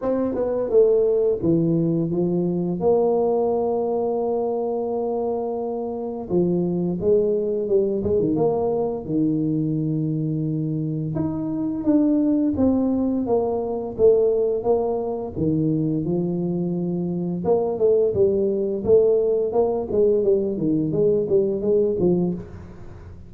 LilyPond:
\new Staff \with { instrumentName = "tuba" } { \time 4/4 \tempo 4 = 86 c'8 b8 a4 e4 f4 | ais1~ | ais4 f4 gis4 g8 gis16 dis16 | ais4 dis2. |
dis'4 d'4 c'4 ais4 | a4 ais4 dis4 f4~ | f4 ais8 a8 g4 a4 | ais8 gis8 g8 dis8 gis8 g8 gis8 f8 | }